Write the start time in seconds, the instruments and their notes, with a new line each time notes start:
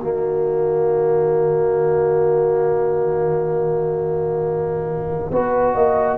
0.00 tuba D#3, trombone A#3, horn F#4, trumpet D#5
5.31 tuba B3, trombone F#4, horn B4
5.75 tuba A#3, horn D#5